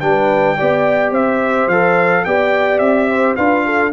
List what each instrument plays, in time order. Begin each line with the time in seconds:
0.00 tuba G3, trombone D4, horn B4, trumpet G5
0.56 tuba B3, trombone G4, horn D5
1.11 tuba C4, horn C5, trumpet E5
1.67 tuba F3, trombone A4, trumpet F5
2.24 tuba B3, trombone G4, horn D5, trumpet G5
2.78 tuba C4, trumpet E5
3.09 horn C5
3.36 tuba D4, trombone F4, horn B4, trumpet F5
3.65 horn A4